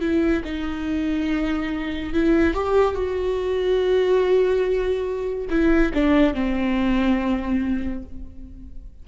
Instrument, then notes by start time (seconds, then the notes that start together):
viola
0.00 E4
0.44 D#4
2.13 E4
2.54 G4
2.95 F#4
5.50 E4
5.93 D4
6.33 C4